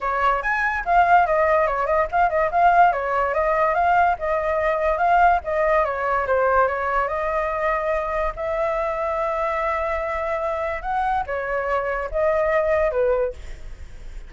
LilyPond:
\new Staff \with { instrumentName = "flute" } { \time 4/4 \tempo 4 = 144 cis''4 gis''4 f''4 dis''4 | cis''8 dis''8 f''8 dis''8 f''4 cis''4 | dis''4 f''4 dis''2 | f''4 dis''4 cis''4 c''4 |
cis''4 dis''2. | e''1~ | e''2 fis''4 cis''4~ | cis''4 dis''2 b'4 | }